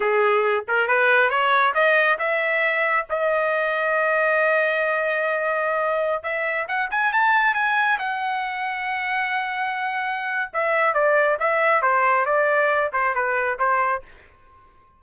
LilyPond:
\new Staff \with { instrumentName = "trumpet" } { \time 4/4 \tempo 4 = 137 gis'4. ais'8 b'4 cis''4 | dis''4 e''2 dis''4~ | dis''1~ | dis''2~ dis''16 e''4 fis''8 gis''16~ |
gis''16 a''4 gis''4 fis''4.~ fis''16~ | fis''1 | e''4 d''4 e''4 c''4 | d''4. c''8 b'4 c''4 | }